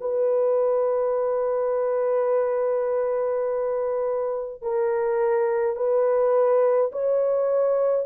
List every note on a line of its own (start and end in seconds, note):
0.00 4.62 B4
4.62 5.76 A#4
5.76 6.91 B4
6.92 8.06 C#5